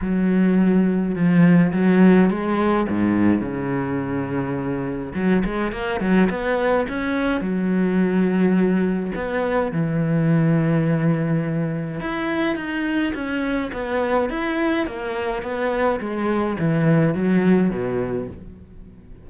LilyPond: \new Staff \with { instrumentName = "cello" } { \time 4/4 \tempo 4 = 105 fis2 f4 fis4 | gis4 gis,4 cis2~ | cis4 fis8 gis8 ais8 fis8 b4 | cis'4 fis2. |
b4 e2.~ | e4 e'4 dis'4 cis'4 | b4 e'4 ais4 b4 | gis4 e4 fis4 b,4 | }